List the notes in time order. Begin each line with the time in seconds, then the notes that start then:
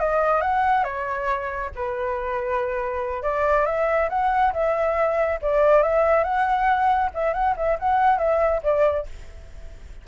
0.00 D#5
0.41 F#5
0.84 C#5
1.76 B4
3.23 D5
3.66 E5
4.10 F#5
4.53 E5
5.42 D5
5.83 E5
6.24 F#5
7.14 E5
7.34 F#5
7.57 E5
7.80 F#5
8.18 E5
8.63 D5